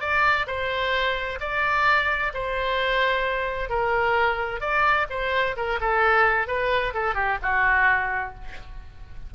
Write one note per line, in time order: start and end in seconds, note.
0.00 0.46 D5
0.47 1.39 C5
1.40 2.32 D5
2.33 3.69 C5
3.69 4.60 A#4
4.60 5.06 D5
5.09 5.56 C5
5.56 5.79 A#4
5.80 6.47 A4
6.47 6.93 B4
6.94 7.14 A4
7.14 7.37 G4
7.42 8.34 F#4